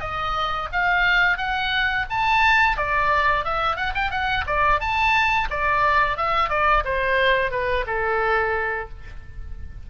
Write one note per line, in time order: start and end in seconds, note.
0.00 0.68 D#5
0.72 1.37 F5
1.37 2.05 F#5
2.10 2.76 A5
2.76 3.44 D5
3.44 3.76 E5
3.76 3.93 F#5
3.94 4.10 G5
4.10 4.44 F#5
4.46 4.80 D5
4.80 5.48 A5
5.50 6.16 D5
6.16 6.49 E5
6.49 6.83 D5
6.84 7.51 C5
7.51 7.85 B4
7.86 8.89 A4